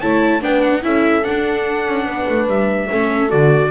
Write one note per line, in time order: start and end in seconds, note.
0.00 0.42 A3
0.00 0.41 E4
0.00 0.41 C#5
0.00 0.42 A5
0.41 0.83 B3
0.41 0.82 D4
0.41 0.84 B4
0.41 0.62 G5
0.62 0.83 F#5
0.82 1.24 C#4
0.82 1.22 E4
0.82 2.07 A4
0.82 1.24 E5
1.22 2.87 D4
1.22 2.48 F#5
1.28 1.87 D4
1.87 2.05 C#4
2.05 2.26 B3
2.05 2.90 B4
2.29 2.47 A3
2.47 2.88 G3
2.47 3.31 E5
2.90 3.33 A3
2.90 3.29 C#4
2.90 3.71 A4
3.29 3.71 D3
3.29 3.71 F#4
3.29 3.71 D5